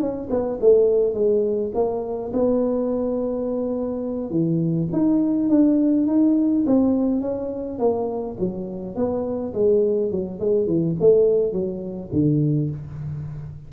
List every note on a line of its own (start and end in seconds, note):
0.00 0.29 C#4
0.30 0.59 B3
0.61 1.14 A3
1.14 1.72 G#3
1.75 2.32 A#3
2.33 4.31 B3
4.31 4.89 E3
4.92 5.50 D#4
5.50 6.07 D4
6.07 6.65 D#4
6.67 7.21 C4
7.21 7.79 C#4
7.79 8.37 A#3
8.39 8.96 F#3
8.96 9.53 B3
9.54 10.11 G#3
10.11 10.40 F#3
10.40 10.67 G#3
10.67 10.96 E3
11.00 11.53 A3
11.53 12.10 F#3
12.13 12.71 D3